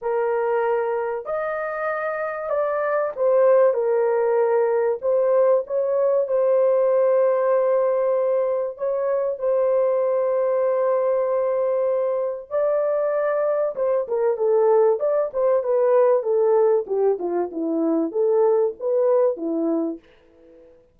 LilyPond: \new Staff \with { instrumentName = "horn" } { \time 4/4 \tempo 4 = 96 ais'2 dis''2 | d''4 c''4 ais'2 | c''4 cis''4 c''2~ | c''2 cis''4 c''4~ |
c''1 | d''2 c''8 ais'8 a'4 | d''8 c''8 b'4 a'4 g'8 f'8 | e'4 a'4 b'4 e'4 | }